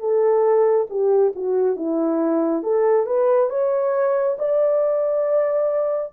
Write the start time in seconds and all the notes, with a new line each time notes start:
0.00 A4
0.90 G4
1.36 F#4
1.76 E4
2.63 A4
3.06 B4
3.50 C#5
4.39 D5